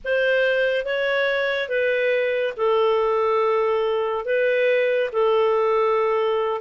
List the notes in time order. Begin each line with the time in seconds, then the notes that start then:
0.04 C5
0.85 C#5
1.68 B4
2.56 A4
4.25 B4
5.12 A4